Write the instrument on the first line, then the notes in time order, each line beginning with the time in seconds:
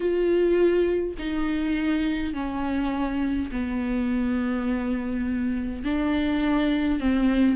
viola
0.00 F4
1.18 D#4
2.33 C#4
3.51 B3
5.84 D4
7.00 C4